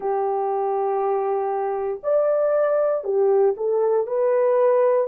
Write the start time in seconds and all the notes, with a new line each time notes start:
0.00 G4
2.03 D5
3.04 G4
3.56 A4
4.06 B4